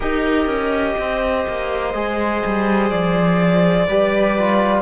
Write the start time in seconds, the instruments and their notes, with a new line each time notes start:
0.00 cello D#4, trombone G4, viola A#4, violin D#5
0.46 cello C#4
0.98 cello C4, viola C5
1.48 cello A#3
1.93 cello G#3, trombone G#4
2.45 cello G3
2.90 cello F3, violin D5
3.87 cello G3, trombone G4, viola B4
4.38 trombone F4